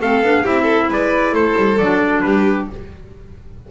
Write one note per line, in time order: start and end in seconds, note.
0.00 0.22 A3
0.00 0.24 C4
0.00 0.43 A4
0.00 0.46 F5
0.22 0.45 B3
0.22 0.44 D4
0.43 0.90 C4
0.43 1.79 E4
0.43 0.63 G4
0.43 0.91 E5
0.63 0.86 A4
0.90 1.32 G#3
0.90 1.34 B4
0.90 1.35 D5
1.32 1.54 A3
1.32 2.24 A4
1.32 1.78 C5
1.57 1.79 G3
1.78 2.23 F#3
1.78 2.71 D4
1.78 2.21 D5
2.21 2.68 G3
2.21 2.71 G4
2.21 2.66 B4